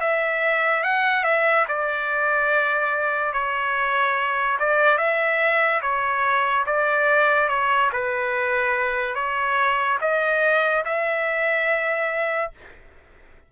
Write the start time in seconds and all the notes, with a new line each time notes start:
0.00 E5
0.83 F#5
1.23 E5
1.68 D5
3.33 C#5
4.59 D5
4.98 E5
5.82 C#5
6.66 D5
7.48 C#5
7.93 B4
9.15 C#5
10.01 D#5
10.85 E5